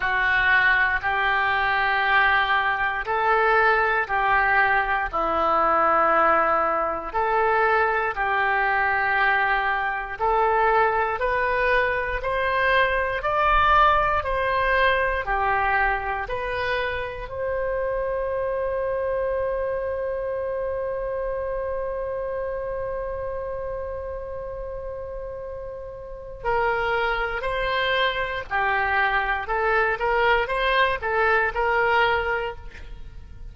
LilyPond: \new Staff \with { instrumentName = "oboe" } { \time 4/4 \tempo 4 = 59 fis'4 g'2 a'4 | g'4 e'2 a'4 | g'2 a'4 b'4 | c''4 d''4 c''4 g'4 |
b'4 c''2.~ | c''1~ | c''2 ais'4 c''4 | g'4 a'8 ais'8 c''8 a'8 ais'4 | }